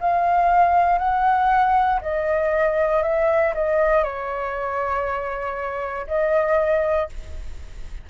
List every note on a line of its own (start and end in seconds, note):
0.00 0.98 F5
0.98 2.00 F#5
2.01 3.03 D#5
3.03 3.54 E5
3.55 4.04 D#5
4.04 6.07 C#5
6.07 7.09 D#5